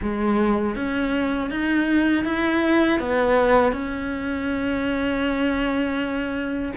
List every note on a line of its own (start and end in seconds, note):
0.02 0.75 G#3
0.75 1.50 C#4
1.50 2.24 D#4
2.24 2.99 E4
2.99 3.72 B3
3.72 6.72 C#4